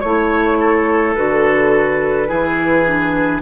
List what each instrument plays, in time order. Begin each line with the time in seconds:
0.00 bassoon A3, clarinet E4, oboe C#5, flute C#5
0.60 oboe A4
1.14 bassoon D3, clarinet F#4, flute B4
2.26 bassoon E3, clarinet E4, oboe G#4
2.86 clarinet D4